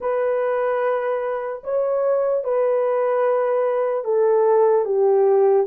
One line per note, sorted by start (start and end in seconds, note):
0.00 1.63 B4
1.63 2.43 C#5
2.43 4.04 B4
4.04 4.85 A4
4.85 5.66 G4